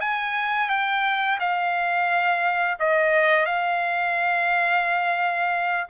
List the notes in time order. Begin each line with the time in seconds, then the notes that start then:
0.00 G#5
0.69 G5
1.39 F5
2.79 D#5
3.45 F5